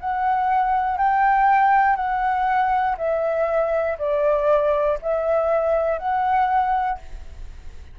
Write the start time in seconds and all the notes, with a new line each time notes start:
0.00 F#5
0.98 G5
1.96 F#5
2.98 E5
3.98 D5
5.02 E5
5.98 F#5